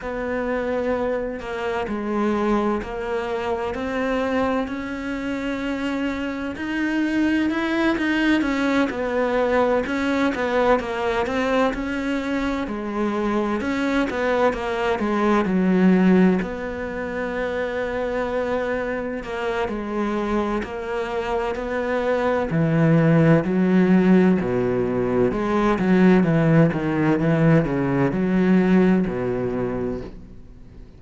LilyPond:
\new Staff \with { instrumentName = "cello" } { \time 4/4 \tempo 4 = 64 b4. ais8 gis4 ais4 | c'4 cis'2 dis'4 | e'8 dis'8 cis'8 b4 cis'8 b8 ais8 | c'8 cis'4 gis4 cis'8 b8 ais8 |
gis8 fis4 b2~ b8~ | b8 ais8 gis4 ais4 b4 | e4 fis4 b,4 gis8 fis8 | e8 dis8 e8 cis8 fis4 b,4 | }